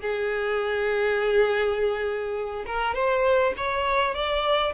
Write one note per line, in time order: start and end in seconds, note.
0.00 2.65 G#4
2.66 2.94 A#4
2.94 3.53 C5
3.57 4.14 C#5
4.14 4.73 D5